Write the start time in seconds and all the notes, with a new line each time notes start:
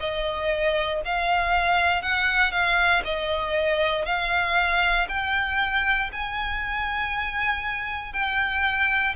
0.00 D#5
1.05 F5
2.02 F#5
2.51 F5
3.05 D#5
4.05 F5
5.08 G5
6.12 G#5
8.13 G5